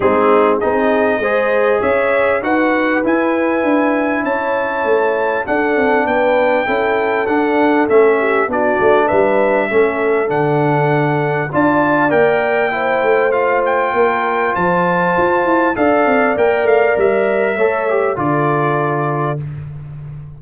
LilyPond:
<<
  \new Staff \with { instrumentName = "trumpet" } { \time 4/4 \tempo 4 = 99 gis'4 dis''2 e''4 | fis''4 gis''2 a''4~ | a''4 fis''4 g''2 | fis''4 e''4 d''4 e''4~ |
e''4 fis''2 a''4 | g''2 f''8 g''4. | a''2 f''4 g''8 f''8 | e''2 d''2 | }
  \new Staff \with { instrumentName = "horn" } { \time 4/4 dis'4 gis'4 c''4 cis''4 | b'2. cis''4~ | cis''4 a'4 b'4 a'4~ | a'4. g'8 fis'4 b'4 |
a'2. d''4~ | d''4 c''2 ais'4 | c''2 d''2~ | d''4 cis''4 a'2 | }
  \new Staff \with { instrumentName = "trombone" } { \time 4/4 c'4 dis'4 gis'2 | fis'4 e'2.~ | e'4 d'2 e'4 | d'4 cis'4 d'2 |
cis'4 d'2 f'4 | ais'4 e'4 f'2~ | f'2 a'4 ais'4~ | ais'4 a'8 g'8 f'2 | }
  \new Staff \with { instrumentName = "tuba" } { \time 4/4 gis4 c'4 gis4 cis'4 | dis'4 e'4 d'4 cis'4 | a4 d'8 c'8 b4 cis'4 | d'4 a4 b8 a8 g4 |
a4 d2 d'4 | ais4. a4. ais4 | f4 f'8 e'8 d'8 c'8 ais8 a8 | g4 a4 d2 | }
>>